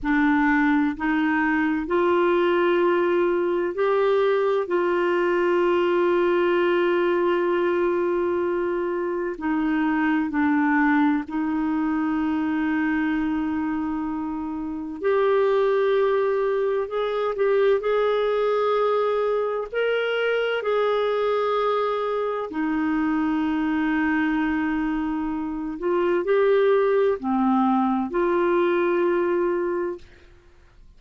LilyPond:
\new Staff \with { instrumentName = "clarinet" } { \time 4/4 \tempo 4 = 64 d'4 dis'4 f'2 | g'4 f'2.~ | f'2 dis'4 d'4 | dis'1 |
g'2 gis'8 g'8 gis'4~ | gis'4 ais'4 gis'2 | dis'2.~ dis'8 f'8 | g'4 c'4 f'2 | }